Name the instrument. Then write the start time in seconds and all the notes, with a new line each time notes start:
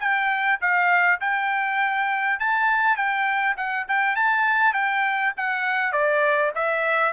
trumpet
0.00 G5
0.61 F5
1.21 G5
2.40 A5
2.96 G5
3.57 F#5
3.89 G5
4.16 A5
4.74 G5
5.37 F#5
5.92 D5
6.55 E5